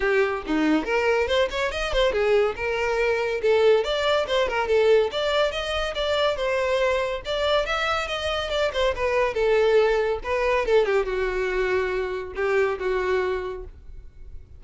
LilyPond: \new Staff \with { instrumentName = "violin" } { \time 4/4 \tempo 4 = 141 g'4 dis'4 ais'4 c''8 cis''8 | dis''8 c''8 gis'4 ais'2 | a'4 d''4 c''8 ais'8 a'4 | d''4 dis''4 d''4 c''4~ |
c''4 d''4 e''4 dis''4 | d''8 c''8 b'4 a'2 | b'4 a'8 g'8 fis'2~ | fis'4 g'4 fis'2 | }